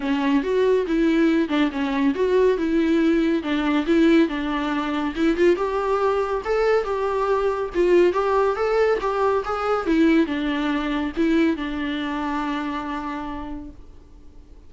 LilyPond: \new Staff \with { instrumentName = "viola" } { \time 4/4 \tempo 4 = 140 cis'4 fis'4 e'4. d'8 | cis'4 fis'4 e'2 | d'4 e'4 d'2 | e'8 f'8 g'2 a'4 |
g'2 f'4 g'4 | a'4 g'4 gis'4 e'4 | d'2 e'4 d'4~ | d'1 | }